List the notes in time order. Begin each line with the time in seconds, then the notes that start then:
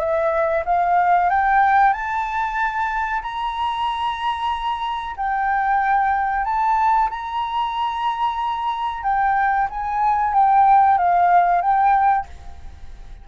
0.00 E5
0.66 F5
1.30 G5
1.93 A5
3.23 A#5
5.17 G5
6.45 A5
7.11 A#5
9.04 G5
9.70 G#5
10.34 G5
10.98 F5
11.62 G5